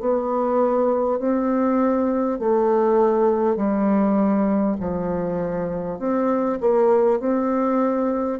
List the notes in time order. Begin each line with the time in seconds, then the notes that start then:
0.00 B3
1.19 C4
2.39 A3
3.56 G3
4.80 F3
5.99 C4
6.61 A#3
7.20 C4